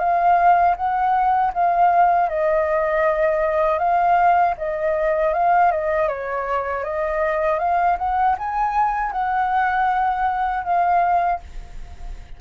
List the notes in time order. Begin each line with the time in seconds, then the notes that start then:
0.00 F5
0.77 F#5
1.54 F5
2.30 D#5
3.79 F5
4.58 D#5
5.34 F5
5.72 D#5
6.09 C#5
6.84 D#5
7.59 F5
7.99 F#5
8.39 G#5
9.12 F#5
10.64 F5